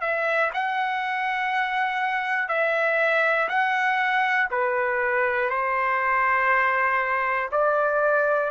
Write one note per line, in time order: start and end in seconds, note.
0.00 0.50 E5
0.53 2.48 F#5
2.48 3.48 E5
3.48 4.48 F#5
4.50 5.50 B4
5.50 7.50 C5
7.51 8.50 D5